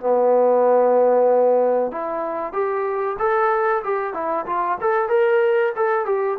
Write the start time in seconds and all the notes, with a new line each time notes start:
0.00 B3
1.92 E4
2.53 G4
3.19 A4
3.84 G4
4.14 E4
4.46 F4
4.81 A4
5.09 A#4
5.76 A4
6.06 G4